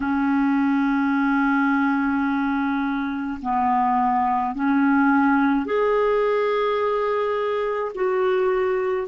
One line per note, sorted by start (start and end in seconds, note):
0.00 3.40 C#4
3.42 4.55 B3
4.55 5.66 C#4
5.66 7.92 G#4
7.95 9.07 F#4